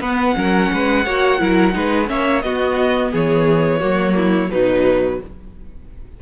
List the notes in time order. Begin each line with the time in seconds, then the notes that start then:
0.00 B3 B4 F#5
0.35 F#3 C#4 A#4
0.72 G#3 B4
1.05 A#3 F#4 C#5
1.39 F#3 E4 A#4
1.72 G#3 D#4 B4
2.06 A#3 C#4 C#5 E5
2.42 B3 F#4 D#5
3.11 E3 G#4 C#5
3.79 F#3 A#3 F#4
4.16 E4
4.50 B2 F#3 D#4 B4